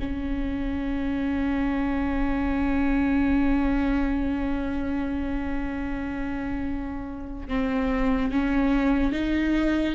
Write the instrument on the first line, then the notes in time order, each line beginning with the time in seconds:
viola
0.00 C#4
7.48 C4
8.31 C#4
9.12 D#4